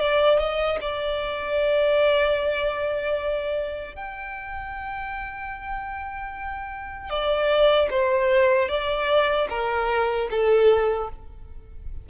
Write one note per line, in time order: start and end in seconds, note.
0.00 0.39 D5
0.39 0.79 D#5
0.81 3.95 D5
3.95 7.10 G5
7.10 7.89 D5
7.91 8.69 C5
8.69 9.48 D5
9.50 10.29 A#4
10.31 11.10 A4